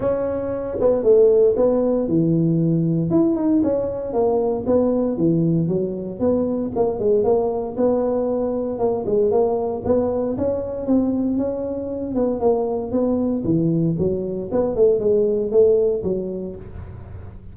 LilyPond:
\new Staff \with { instrumentName = "tuba" } { \time 4/4 \tempo 4 = 116 cis'4. b8 a4 b4 | e2 e'8 dis'8 cis'4 | ais4 b4 e4 fis4 | b4 ais8 gis8 ais4 b4~ |
b4 ais8 gis8 ais4 b4 | cis'4 c'4 cis'4. b8 | ais4 b4 e4 fis4 | b8 a8 gis4 a4 fis4 | }